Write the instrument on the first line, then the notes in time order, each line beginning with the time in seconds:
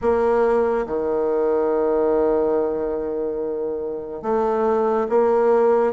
bassoon
0.01 A#3
0.86 D#3
4.22 A3
5.09 A#3